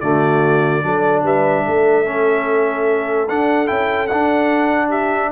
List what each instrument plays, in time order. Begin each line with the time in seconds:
0.00 tuba D3, trombone A3, horn F#4, trumpet D5
0.83 tuba F#3, trombone D4, horn A4
1.23 tuba G3, horn B4, trumpet E5
1.65 tuba A3, horn A4
2.05 trombone C#4
3.29 tuba D4, trombone D4, trumpet F#5
3.66 tuba C#4, trombone E4, trumpet G5
4.07 tuba D4, trombone D4, trumpet F#5
4.88 horn G4, trumpet E5